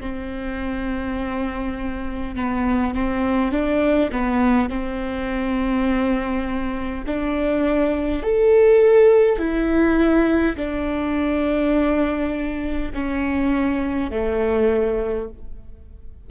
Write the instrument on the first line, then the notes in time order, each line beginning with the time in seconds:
viola
0.00 C4
2.35 B3
2.94 C4
3.51 D4
4.11 B3
4.70 C4
7.06 D4
8.23 A4
9.38 E4
10.56 D4
12.94 C#4
14.11 A3